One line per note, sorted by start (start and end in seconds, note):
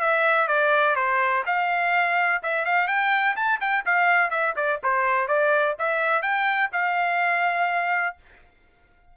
0.00 0.48 E5
0.48 0.96 D5
0.96 1.44 C5
1.46 2.42 F5
2.43 2.65 E5
2.65 2.87 F5
2.87 3.35 G5
3.36 3.60 A5
3.60 3.84 G5
3.86 4.30 F5
4.30 4.54 E5
4.56 4.80 D5
4.83 5.27 C5
5.27 5.75 D5
5.79 6.22 E5
6.22 6.70 G5
6.72 8.16 F5